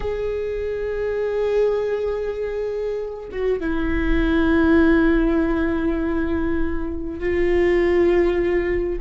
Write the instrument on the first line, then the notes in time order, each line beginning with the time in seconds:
viola
0.00 G#4
3.31 F#4
3.60 E4
7.19 F4